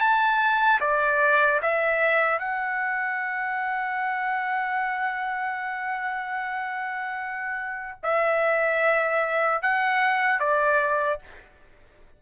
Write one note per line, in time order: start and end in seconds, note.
0.00 0.80 A5
0.80 1.60 D5
1.62 2.39 E5
2.39 7.99 F#5
8.03 9.62 E5
9.62 10.39 F#5
10.39 11.19 D5